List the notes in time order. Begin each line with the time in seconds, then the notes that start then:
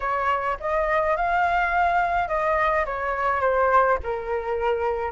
0.00 C#5
0.60 D#5
1.16 F5
2.28 D#5
2.85 C#5
3.41 C5
4.03 A#4